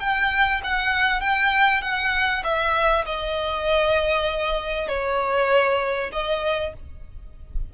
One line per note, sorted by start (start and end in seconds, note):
0.00 0.61 G5
0.64 1.21 F#5
1.21 1.82 G5
1.82 2.43 F#5
2.44 3.05 E5
3.06 4.88 D#5
4.88 6.11 C#5
6.13 6.74 D#5